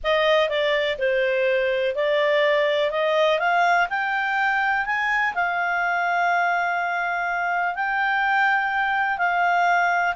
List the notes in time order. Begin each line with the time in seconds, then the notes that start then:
0.03 D#5
0.49 D5
0.98 C5
1.95 D5
2.90 D#5
3.39 F5
3.89 G5
4.85 G#5
5.34 F5
7.75 G5
9.17 F5